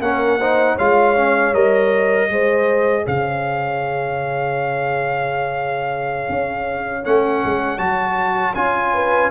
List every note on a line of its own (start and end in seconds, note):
0.00 0.76 A#3
0.00 0.39 C#4
0.00 0.39 A#4
0.00 0.77 F#5
0.39 0.78 D#4
0.39 0.75 C5
0.75 1.53 G#3
0.75 1.16 F4
0.75 2.27 C#5
0.75 1.54 F5
1.16 1.53 C#4
1.53 2.28 G3
1.53 2.29 A#4
1.53 3.06 D#5
2.28 3.04 G#3
2.28 7.03 G#4
2.28 3.03 C5
3.03 6.29 C#3
3.03 8.91 C#5
3.03 7.04 F5
6.29 7.05 C#4
7.03 7.44 A3
7.03 7.78 C#4
7.03 7.78 F#5
7.44 7.78 G#3
7.78 8.54 F#3
7.78 8.54 F#4
7.78 8.54 A5
8.54 9.30 C#4
8.54 9.31 F4
8.54 9.30 G#5
8.93 9.31 B4